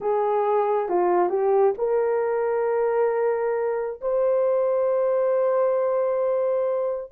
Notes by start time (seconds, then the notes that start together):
0.00 G#4
0.88 F4
1.29 G4
1.78 A#4
4.01 C5